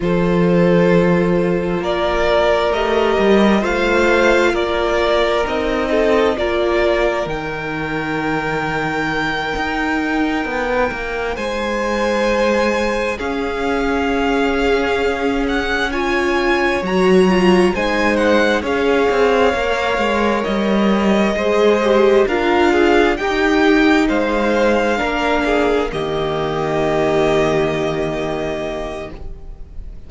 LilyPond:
<<
  \new Staff \with { instrumentName = "violin" } { \time 4/4 \tempo 4 = 66 c''2 d''4 dis''4 | f''4 d''4 dis''4 d''4 | g''1~ | g''8 gis''2 f''4.~ |
f''4 fis''8 gis''4 ais''4 gis''8 | fis''8 f''2 dis''4.~ | dis''8 f''4 g''4 f''4.~ | f''8 dis''2.~ dis''8 | }
  \new Staff \with { instrumentName = "violin" } { \time 4/4 a'2 ais'2 | c''4 ais'4. a'8 ais'4~ | ais'1~ | ais'8 c''2 gis'4.~ |
gis'4. cis''2 c''8~ | c''8 cis''2. c''8~ | c''8 ais'8 gis'8 g'4 c''4 ais'8 | gis'8 g'2.~ g'8 | }
  \new Staff \with { instrumentName = "viola" } { \time 4/4 f'2. g'4 | f'2 dis'4 f'4 | dis'1~ | dis'2~ dis'8 cis'4.~ |
cis'4. f'4 fis'8 f'8 dis'8~ | dis'8 gis'4 ais'2 gis'8 | g'8 f'4 dis'2 d'8~ | d'8 ais2.~ ais8 | }
  \new Staff \with { instrumentName = "cello" } { \time 4/4 f2 ais4 a8 g8 | a4 ais4 c'4 ais4 | dis2~ dis8 dis'4 b8 | ais8 gis2 cis'4.~ |
cis'2~ cis'8 fis4 gis8~ | gis8 cis'8 c'8 ais8 gis8 g4 gis8~ | gis8 d'4 dis'4 gis4 ais8~ | ais8 dis2.~ dis8 | }
>>